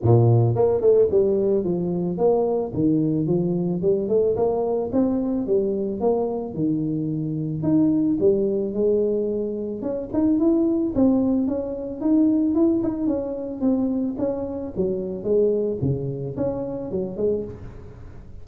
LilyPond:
\new Staff \with { instrumentName = "tuba" } { \time 4/4 \tempo 4 = 110 ais,4 ais8 a8 g4 f4 | ais4 dis4 f4 g8 a8 | ais4 c'4 g4 ais4 | dis2 dis'4 g4 |
gis2 cis'8 dis'8 e'4 | c'4 cis'4 dis'4 e'8 dis'8 | cis'4 c'4 cis'4 fis4 | gis4 cis4 cis'4 fis8 gis8 | }